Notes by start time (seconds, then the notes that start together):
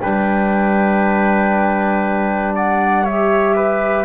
0.00 G3 D4 B4 G5
2.55 D5 F#5
3.04 G4 C#5 E5
3.56 B4